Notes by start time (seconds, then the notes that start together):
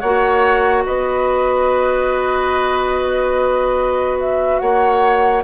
0.00 A#3 F#4 C#5 F#5
0.86 B3 B4 D#5
4.21 E5
4.60 A#3 C#5 F#5